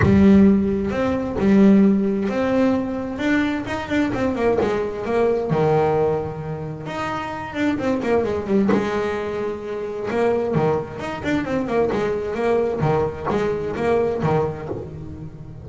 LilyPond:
\new Staff \with { instrumentName = "double bass" } { \time 4/4 \tempo 4 = 131 g2 c'4 g4~ | g4 c'2 d'4 | dis'8 d'8 c'8 ais8 gis4 ais4 | dis2. dis'4~ |
dis'8 d'8 c'8 ais8 gis8 g8 gis4~ | gis2 ais4 dis4 | dis'8 d'8 c'8 ais8 gis4 ais4 | dis4 gis4 ais4 dis4 | }